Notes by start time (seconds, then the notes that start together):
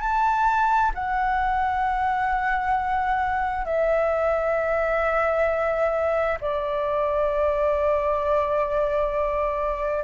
0.00 A5
0.94 F#5
3.65 E5
6.40 D5